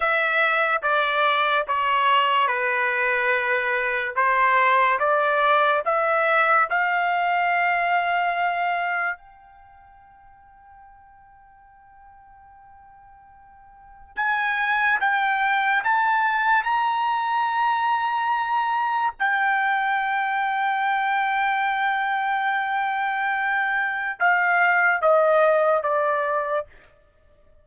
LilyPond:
\new Staff \with { instrumentName = "trumpet" } { \time 4/4 \tempo 4 = 72 e''4 d''4 cis''4 b'4~ | b'4 c''4 d''4 e''4 | f''2. g''4~ | g''1~ |
g''4 gis''4 g''4 a''4 | ais''2. g''4~ | g''1~ | g''4 f''4 dis''4 d''4 | }